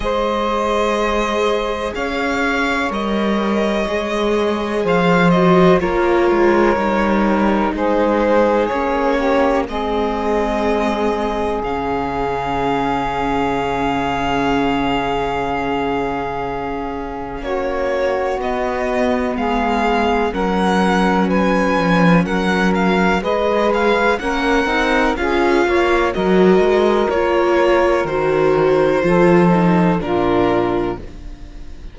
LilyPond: <<
  \new Staff \with { instrumentName = "violin" } { \time 4/4 \tempo 4 = 62 dis''2 f''4 dis''4~ | dis''4 f''8 dis''8 cis''2 | c''4 cis''4 dis''2 | f''1~ |
f''2 cis''4 dis''4 | f''4 fis''4 gis''4 fis''8 f''8 | dis''8 f''8 fis''4 f''4 dis''4 | cis''4 c''2 ais'4 | }
  \new Staff \with { instrumentName = "saxophone" } { \time 4/4 c''2 cis''2~ | cis''4 c''4 ais'2 | gis'4. g'8 gis'2~ | gis'1~ |
gis'2 fis'2 | gis'4 ais'4 b'4 ais'4 | b'4 ais'4 gis'8 cis''8 ais'4~ | ais'2 a'4 f'4 | }
  \new Staff \with { instrumentName = "viola" } { \time 4/4 gis'2. ais'4 | gis'4. fis'8 f'4 dis'4~ | dis'4 cis'4 c'2 | cis'1~ |
cis'2. b4~ | b4 cis'2. | gis'4 cis'8 dis'8 f'4 fis'4 | f'4 fis'4 f'8 dis'8 d'4 | }
  \new Staff \with { instrumentName = "cello" } { \time 4/4 gis2 cis'4 g4 | gis4 f4 ais8 gis8 g4 | gis4 ais4 gis2 | cis1~ |
cis2 ais4 b4 | gis4 fis4. f8 fis4 | gis4 ais8 c'8 cis'8 ais8 fis8 gis8 | ais4 dis4 f4 ais,4 | }
>>